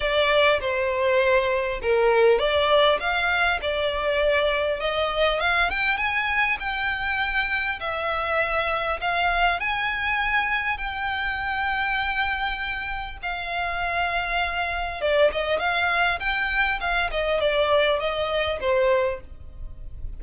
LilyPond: \new Staff \with { instrumentName = "violin" } { \time 4/4 \tempo 4 = 100 d''4 c''2 ais'4 | d''4 f''4 d''2 | dis''4 f''8 g''8 gis''4 g''4~ | g''4 e''2 f''4 |
gis''2 g''2~ | g''2 f''2~ | f''4 d''8 dis''8 f''4 g''4 | f''8 dis''8 d''4 dis''4 c''4 | }